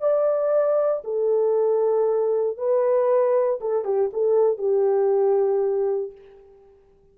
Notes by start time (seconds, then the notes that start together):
0.00 D5
1.04 A4
2.57 B4
3.61 A4
3.85 G4
4.13 A4
4.58 G4